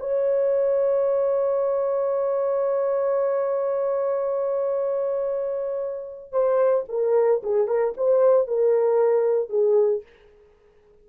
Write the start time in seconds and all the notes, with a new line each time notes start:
0.00 C#5
6.32 C5
6.89 A#4
7.43 G#4
7.67 A#4
7.97 C5
8.47 A#4
9.50 G#4